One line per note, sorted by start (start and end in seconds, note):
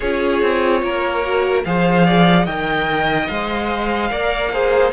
0.00 0.41 C#4
0.00 1.23 F4
0.00 0.80 G#4
0.00 1.61 C#5
0.41 0.82 C4
0.82 1.64 A#3
0.82 1.65 A#4
1.23 1.64 F#4
1.65 2.46 F3
1.65 2.47 G#4
1.65 2.05 C5
1.65 2.46 F5
2.05 2.44 D5
2.44 3.29 D#3
2.44 3.30 A#4
2.44 4.09 D#5
2.44 3.28 G5
3.28 4.11 G#3
3.28 4.10 C5
3.28 4.92 F5
4.10 4.92 A#3
4.10 4.51 A#4
4.10 4.51 D5
4.52 4.92 G#4
4.52 4.92 C5